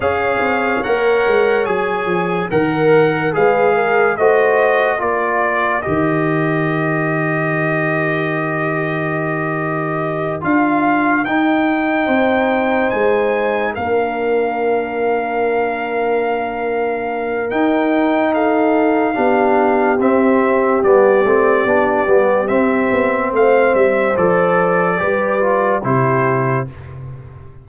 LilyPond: <<
  \new Staff \with { instrumentName = "trumpet" } { \time 4/4 \tempo 4 = 72 f''4 fis''4 gis''4 fis''4 | f''4 dis''4 d''4 dis''4~ | dis''1~ | dis''8 f''4 g''2 gis''8~ |
gis''8 f''2.~ f''8~ | f''4 g''4 f''2 | e''4 d''2 e''4 | f''8 e''8 d''2 c''4 | }
  \new Staff \with { instrumentName = "horn" } { \time 4/4 cis''2. ais'4 | b'8 ais'8 c''4 ais'2~ | ais'1~ | ais'2~ ais'8 c''4.~ |
c''8 ais'2.~ ais'8~ | ais'2 a'4 g'4~ | g'1 | c''2 b'4 g'4 | }
  \new Staff \with { instrumentName = "trombone" } { \time 4/4 gis'4 ais'4 gis'4 ais'4 | gis'4 fis'4 f'4 g'4~ | g'1~ | g'8 f'4 dis'2~ dis'8~ |
dis'8 d'2.~ d'8~ | d'4 dis'2 d'4 | c'4 b8 c'8 d'8 b8 c'4~ | c'4 a'4 g'8 f'8 e'4 | }
  \new Staff \with { instrumentName = "tuba" } { \time 4/4 cis'8 c'8 ais8 gis8 fis8 f8 dis4 | gis4 a4 ais4 dis4~ | dis1~ | dis8 d'4 dis'4 c'4 gis8~ |
gis8 ais2.~ ais8~ | ais4 dis'2 b4 | c'4 g8 a8 b8 g8 c'8 b8 | a8 g8 f4 g4 c4 | }
>>